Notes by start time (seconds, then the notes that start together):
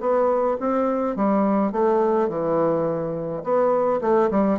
0.00 B3
0.60 C4
1.16 G3
1.72 A3
2.29 E3
3.43 B3
4.01 A3
4.30 G3